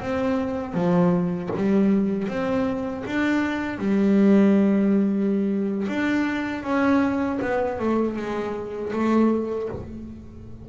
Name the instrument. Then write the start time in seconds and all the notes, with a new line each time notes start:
double bass
0.00 C4
0.74 F3
1.56 G3
2.28 C4
3.06 D4
3.78 G3
5.88 D4
6.63 C#4
7.42 B3
7.80 A3
8.16 G#3
8.93 A3